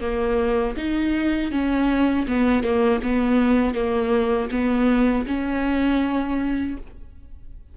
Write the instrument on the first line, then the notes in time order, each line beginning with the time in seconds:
viola
0.00 A#3
0.77 D#4
1.51 C#4
2.27 B3
2.63 A#3
3.02 B3
3.74 A#3
4.50 B3
5.27 C#4